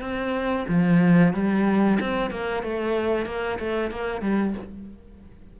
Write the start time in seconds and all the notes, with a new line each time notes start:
0.00 C4
0.68 F3
1.33 G3
2.00 C4
2.30 A#3
2.63 A3
3.25 A#3
3.59 A3
3.91 A#3
4.21 G3